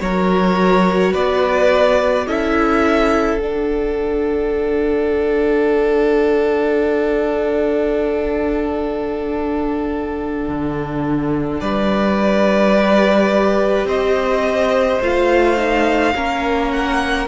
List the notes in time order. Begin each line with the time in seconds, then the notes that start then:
0.00 F#3 F#4 A#4 C#5
1.12 B3 B4 D5
2.26 C#4 E4 A4 E5
3.39 D4 F#5
10.48 D3
11.60 G3 B4 D5
12.75 G4
13.85 C4 C5 D#5
15.01 A3 F4 F5
15.57 D#4
16.15 A#3 C#4 A#4
16.71 F#5